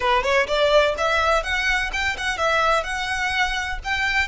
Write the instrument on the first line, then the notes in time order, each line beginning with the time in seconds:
violin
0.00 B4
0.23 C#5
0.47 D5
0.97 E5
1.43 F#5
1.93 G5
2.17 F#5
2.37 E5
2.83 F#5
3.83 G5